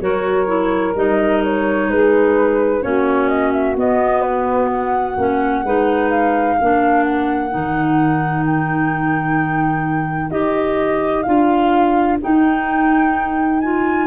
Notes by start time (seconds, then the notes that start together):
0.00 F#3 F#4 A#4 C#5
0.46 E4
0.95 G3 D#4 D#5
1.43 C#5
1.88 G#3 G#4 B4
2.81 A#3 C#4 F#4 C#5
3.28 D#5
3.52 E5
3.76 B3 D#5
4.21 B4
4.73 F#5
5.17 A#3 C#4
5.63 G#3 D#4 B4
6.10 F5
6.57 A#3 D4 A#4
7.03 F#5
7.50 D#3 D#4
8.46 G5
10.30 D#4 G4 D#5
11.23 D4 F4 F5
12.20 D#4 G5
13.61 F4 G#5